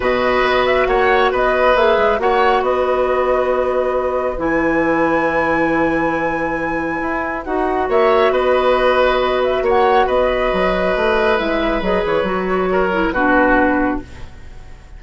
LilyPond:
<<
  \new Staff \with { instrumentName = "flute" } { \time 4/4 \tempo 4 = 137 dis''4. e''8 fis''4 dis''4 | e''4 fis''4 dis''2~ | dis''2 gis''2~ | gis''1~ |
gis''4 fis''4 e''4 dis''4~ | dis''4. e''8 fis''4 dis''4~ | dis''2 e''4 dis''8 cis''8~ | cis''2 b'2 | }
  \new Staff \with { instrumentName = "oboe" } { \time 4/4 b'2 cis''4 b'4~ | b'4 cis''4 b'2~ | b'1~ | b'1~ |
b'2 cis''4 b'4~ | b'2 cis''4 b'4~ | b'1~ | b'4 ais'4 fis'2 | }
  \new Staff \with { instrumentName = "clarinet" } { \time 4/4 fis'1 | gis'4 fis'2.~ | fis'2 e'2~ | e'1~ |
e'4 fis'2.~ | fis'1~ | fis'2 e'4 gis'4 | fis'4. e'8 d'2 | }
  \new Staff \with { instrumentName = "bassoon" } { \time 4/4 b,4 b4 ais4 b4 | ais8 gis8 ais4 b2~ | b2 e2~ | e1 |
e'4 dis'4 ais4 b4~ | b2 ais4 b4 | fis4 a4 gis4 fis8 e8 | fis2 b,2 | }
>>